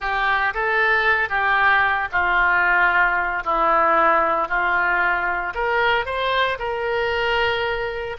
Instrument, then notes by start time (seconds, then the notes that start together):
oboe
0.00 G4
0.54 A4
1.29 G4
2.12 F4
3.44 E4
4.48 F4
5.54 A#4
6.05 C5
6.58 A#4